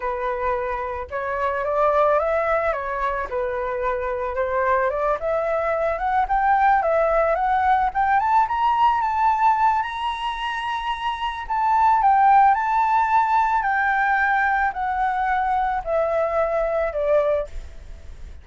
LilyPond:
\new Staff \with { instrumentName = "flute" } { \time 4/4 \tempo 4 = 110 b'2 cis''4 d''4 | e''4 cis''4 b'2 | c''4 d''8 e''4. fis''8 g''8~ | g''8 e''4 fis''4 g''8 a''8 ais''8~ |
ais''8 a''4. ais''2~ | ais''4 a''4 g''4 a''4~ | a''4 g''2 fis''4~ | fis''4 e''2 d''4 | }